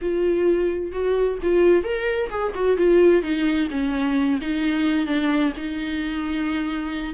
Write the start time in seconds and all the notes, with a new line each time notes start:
0.01 F4
0.92 F#4
1.42 F4
1.83 A#4
2.30 G#4
2.54 F#4
2.77 F4
3.22 D#4
3.70 C#4
4.41 D#4
5.06 D4
5.57 D#4